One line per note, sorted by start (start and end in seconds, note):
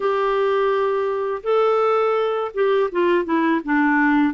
0.00 1.41 G4
1.43 2.51 A4
2.54 2.90 G4
2.91 3.24 F4
3.24 3.60 E4
3.64 4.33 D4